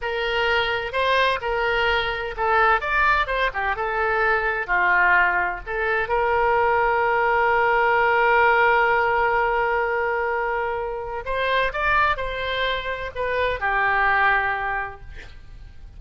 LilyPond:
\new Staff \with { instrumentName = "oboe" } { \time 4/4 \tempo 4 = 128 ais'2 c''4 ais'4~ | ais'4 a'4 d''4 c''8 g'8 | a'2 f'2 | a'4 ais'2.~ |
ais'1~ | ais'1 | c''4 d''4 c''2 | b'4 g'2. | }